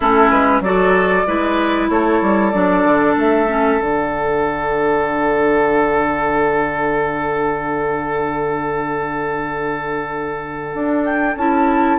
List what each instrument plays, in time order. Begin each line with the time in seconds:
0.00 bassoon A3, clarinet C#4, oboe E4, flute A4
0.30 bassoon G#3, flute B4
0.60 bassoon F#3, clarinet F#4, oboe A4, flute D5
1.26 bassoon G#3, clarinet E4, oboe B4
1.89 bassoon A3, oboe A4, flute C#5
2.21 bassoon G3
2.51 bassoon F#3, clarinet D4, flute D5
2.84 bassoon D3
3.16 bassoon A3, flute E5
3.47 clarinet C#4
3.79 bassoon D3, clarinet D4, flute F#5
10.74 bassoon D4
11.04 flute G5
11.36 bassoon C#4, clarinet E4, flute A5